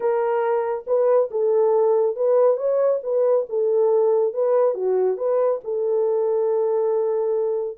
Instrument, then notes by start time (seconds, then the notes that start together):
horn
0.00 A#4
0.87 B4
1.30 A4
2.15 B4
2.56 C#5
3.03 B4
3.49 A4
4.33 B4
4.74 F#4
5.17 B4
5.64 A4